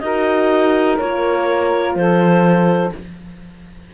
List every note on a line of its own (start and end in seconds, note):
0.00 0.99 D#4
0.00 1.00 F#4
0.00 1.97 A#4
0.00 0.97 D#5
0.98 1.95 A#3
0.98 2.94 F4
0.98 1.95 C#5
1.95 2.92 F3
1.95 2.95 A4
1.95 2.92 C5